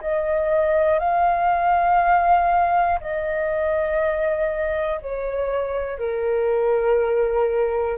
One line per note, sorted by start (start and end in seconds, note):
0.00 0.99 D#5
0.99 2.99 F5
3.00 5.00 D#5
5.01 5.98 C#5
5.98 7.97 A#4